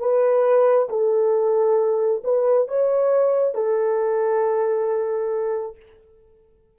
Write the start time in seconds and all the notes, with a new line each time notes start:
0.00 B4
0.89 A4
2.24 B4
2.68 C#5
3.55 A4